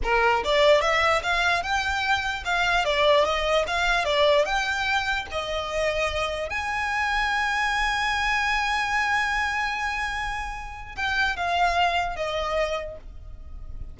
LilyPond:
\new Staff \with { instrumentName = "violin" } { \time 4/4 \tempo 4 = 148 ais'4 d''4 e''4 f''4 | g''2 f''4 d''4 | dis''4 f''4 d''4 g''4~ | g''4 dis''2. |
gis''1~ | gis''1~ | gis''2. g''4 | f''2 dis''2 | }